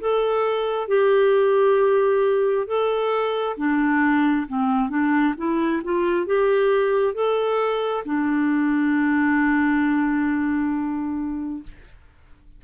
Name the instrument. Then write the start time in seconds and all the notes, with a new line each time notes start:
clarinet
0.00 A4
0.88 G4
2.67 A4
3.57 D4
4.47 C4
4.89 D4
5.37 E4
5.84 F4
6.26 G4
7.14 A4
8.05 D4